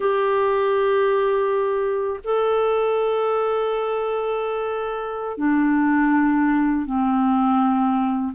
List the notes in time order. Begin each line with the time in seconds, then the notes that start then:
0.00 G4
2.24 A4
5.37 D4
6.85 C4